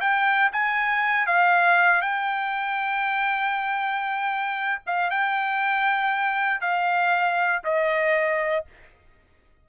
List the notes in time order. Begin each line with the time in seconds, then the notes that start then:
0.00 G5
0.52 G#5
1.26 F5
2.02 G5
4.86 F5
5.10 G5
6.61 F5
7.64 D#5